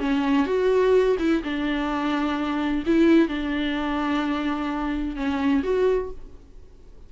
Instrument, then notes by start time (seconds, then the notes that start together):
viola
0.00 C#4
0.46 F#4
1.19 E4
1.43 D4
2.86 E4
3.28 D4
5.16 C#4
5.64 F#4